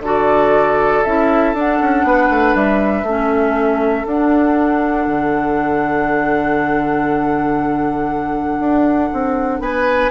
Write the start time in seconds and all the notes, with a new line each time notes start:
0.00 D3 F#4 A4 D5
1.03 C#4 E4 E5
1.53 D4 F#5
1.81 C#4
2.03 B3 B4
2.29 A3
2.54 G3 E5
3.02 A3 C#4 A4
4.06 D4 F#5
5.06 D3
8.59 D4
9.13 C4
9.59 B3 B4 G#5